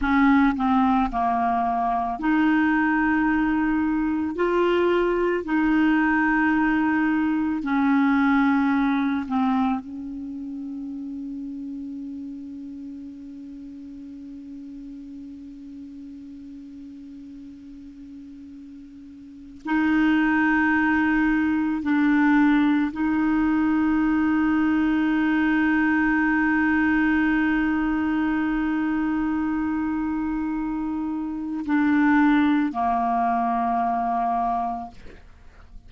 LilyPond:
\new Staff \with { instrumentName = "clarinet" } { \time 4/4 \tempo 4 = 55 cis'8 c'8 ais4 dis'2 | f'4 dis'2 cis'4~ | cis'8 c'8 cis'2.~ | cis'1~ |
cis'2 dis'2 | d'4 dis'2.~ | dis'1~ | dis'4 d'4 ais2 | }